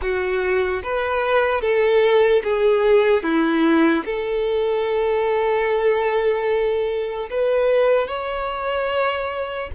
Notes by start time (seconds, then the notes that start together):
0.01 F#4
0.83 B4
1.61 A4
2.43 G#4
3.23 E4
4.05 A4
7.30 B4
8.07 C#5